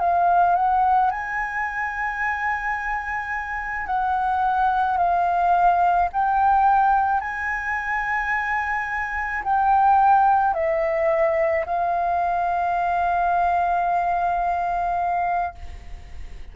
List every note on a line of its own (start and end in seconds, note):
0.00 0.56 F5
0.56 1.11 F#5
1.11 3.86 G#5
3.86 4.97 F#5
4.97 6.09 F5
6.13 7.21 G5
7.21 9.43 G#5
9.44 10.54 G5
10.54 11.65 E5
11.66 15.55 F5